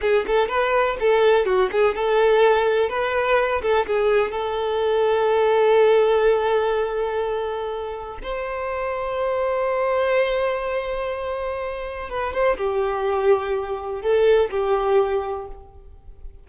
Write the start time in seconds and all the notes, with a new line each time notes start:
0.01 G#4
0.27 A4
0.48 B4
0.99 A4
1.45 F#4
1.71 G#4
1.94 A4
2.89 B4
3.62 A4
3.86 G#4
4.31 A4
8.22 C5
12.09 B4
12.33 C5
12.57 G4
14.01 A4
14.50 G4